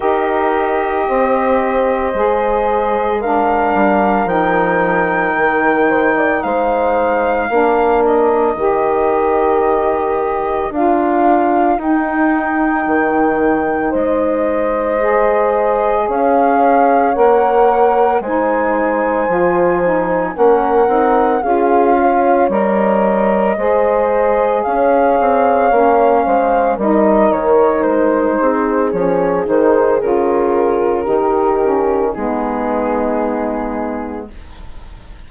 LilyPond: <<
  \new Staff \with { instrumentName = "flute" } { \time 4/4 \tempo 4 = 56 dis''2. f''4 | g''2 f''4. dis''8~ | dis''2 f''4 g''4~ | g''4 dis''2 f''4 |
fis''4 gis''2 fis''4 | f''4 dis''2 f''4~ | f''4 dis''8 cis''8 c''4 cis''8 c''8 | ais'2 gis'2 | }
  \new Staff \with { instrumentName = "horn" } { \time 4/4 ais'4 c''2 ais'4~ | ais'4. c''16 d''16 c''4 ais'4~ | ais'1~ | ais'4 c''2 cis''4~ |
cis''4 c''2 ais'4 | gis'8 cis''4. c''4 cis''4~ | cis''8 c''8 ais'4. gis'4.~ | gis'4 g'4 dis'2 | }
  \new Staff \with { instrumentName = "saxophone" } { \time 4/4 g'2 gis'4 d'4 | dis'2. d'4 | g'2 f'4 dis'4~ | dis'2 gis'2 |
ais'4 dis'4 f'8 dis'8 cis'8 dis'8 | f'4 ais'4 gis'2 | cis'4 dis'2 cis'8 dis'8 | f'4 dis'8 cis'8 b2 | }
  \new Staff \with { instrumentName = "bassoon" } { \time 4/4 dis'4 c'4 gis4. g8 | f4 dis4 gis4 ais4 | dis2 d'4 dis'4 | dis4 gis2 cis'4 |
ais4 gis4 f4 ais8 c'8 | cis'4 g4 gis4 cis'8 c'8 | ais8 gis8 g8 dis8 gis8 c'8 f8 dis8 | cis4 dis4 gis2 | }
>>